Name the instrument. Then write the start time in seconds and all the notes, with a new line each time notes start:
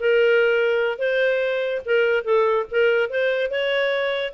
clarinet
0.00 A#4
0.99 C5
1.86 A#4
2.25 A4
2.71 A#4
3.10 C5
3.51 C#5